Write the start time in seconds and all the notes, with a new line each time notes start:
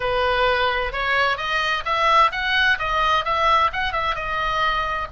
0.00 B4
0.92 C#5
1.37 D#5
1.85 E5
2.31 F#5
2.79 D#5
3.24 E5
3.72 F#5
3.92 E5
4.15 D#5